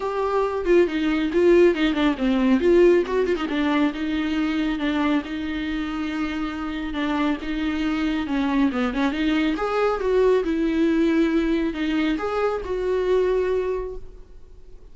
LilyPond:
\new Staff \with { instrumentName = "viola" } { \time 4/4 \tempo 4 = 138 g'4. f'8 dis'4 f'4 | dis'8 d'8 c'4 f'4 fis'8 f'16 dis'16 | d'4 dis'2 d'4 | dis'1 |
d'4 dis'2 cis'4 | b8 cis'8 dis'4 gis'4 fis'4 | e'2. dis'4 | gis'4 fis'2. | }